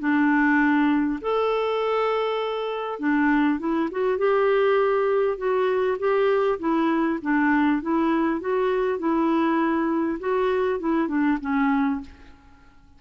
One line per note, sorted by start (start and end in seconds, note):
0.00 1.20 D4
1.22 2.99 A4
2.99 3.59 D4
3.60 3.90 E4
3.91 4.18 F#4
4.18 5.38 G4
5.38 5.98 F#4
5.99 6.59 G4
6.59 7.19 E4
7.22 7.82 D4
7.82 8.41 E4
8.41 8.99 F#4
8.99 10.19 E4
10.20 10.80 F#4
10.80 11.08 E4
11.08 11.38 D4
11.41 12.01 C#4